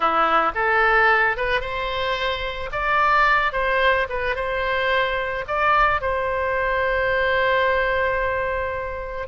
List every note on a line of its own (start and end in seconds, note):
0.00 0.52 E4
0.55 1.36 A4
1.36 1.61 B4
1.61 2.70 C5
2.71 3.52 D5
3.52 4.07 C5
4.09 4.35 B4
4.35 5.44 C5
5.47 6.01 D5
6.01 9.27 C5